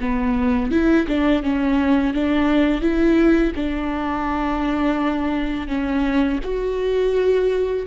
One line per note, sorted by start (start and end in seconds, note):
0.00 0.71 B3
0.71 1.06 E4
1.07 1.42 D4
1.42 2.13 C#4
2.13 2.81 D4
2.81 3.52 E4
3.55 5.67 D4
5.67 6.39 C#4
6.43 7.86 F#4